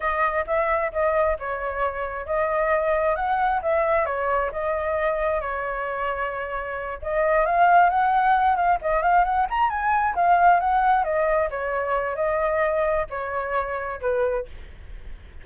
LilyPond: \new Staff \with { instrumentName = "flute" } { \time 4/4 \tempo 4 = 133 dis''4 e''4 dis''4 cis''4~ | cis''4 dis''2 fis''4 | e''4 cis''4 dis''2 | cis''2.~ cis''8 dis''8~ |
dis''8 f''4 fis''4. f''8 dis''8 | f''8 fis''8 ais''8 gis''4 f''4 fis''8~ | fis''8 dis''4 cis''4. dis''4~ | dis''4 cis''2 b'4 | }